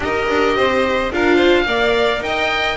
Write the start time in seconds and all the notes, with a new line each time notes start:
0.00 D#4 G4 A#4 D#5
0.28 D4
0.55 C4 C5
1.11 D4 F4 A#4 F5
1.35 C5
1.66 A#3 A#4 D5
2.20 D#4 D#5 G5